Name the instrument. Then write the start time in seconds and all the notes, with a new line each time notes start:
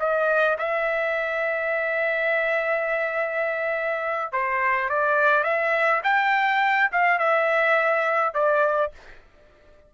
trumpet
0.00 D#5
0.59 E5
4.33 C5
4.90 D5
5.44 E5
6.04 G5
6.93 F5
7.19 E5
8.34 D5